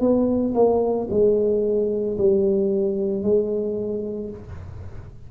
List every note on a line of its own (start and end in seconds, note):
0.00 0.54 B3
0.54 1.07 A#3
1.10 2.17 G#3
2.17 3.22 G3
3.22 4.30 G#3